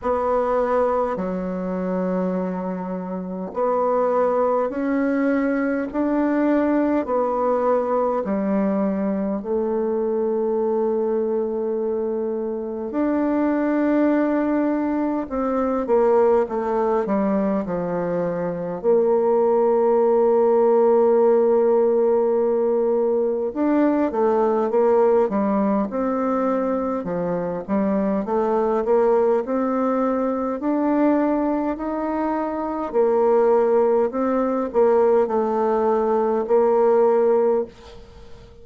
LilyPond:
\new Staff \with { instrumentName = "bassoon" } { \time 4/4 \tempo 4 = 51 b4 fis2 b4 | cis'4 d'4 b4 g4 | a2. d'4~ | d'4 c'8 ais8 a8 g8 f4 |
ais1 | d'8 a8 ais8 g8 c'4 f8 g8 | a8 ais8 c'4 d'4 dis'4 | ais4 c'8 ais8 a4 ais4 | }